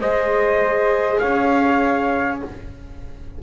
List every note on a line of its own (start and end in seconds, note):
0.00 1.20 G#3
0.00 2.41 G#4
0.00 1.20 C5
0.00 1.19 D#5
1.19 2.42 C#4
1.19 2.41 C#5
1.19 2.39 F5